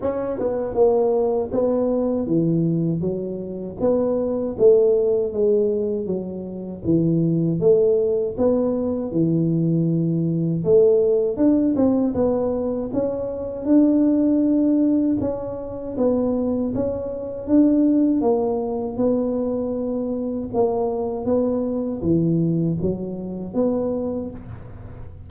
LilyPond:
\new Staff \with { instrumentName = "tuba" } { \time 4/4 \tempo 4 = 79 cis'8 b8 ais4 b4 e4 | fis4 b4 a4 gis4 | fis4 e4 a4 b4 | e2 a4 d'8 c'8 |
b4 cis'4 d'2 | cis'4 b4 cis'4 d'4 | ais4 b2 ais4 | b4 e4 fis4 b4 | }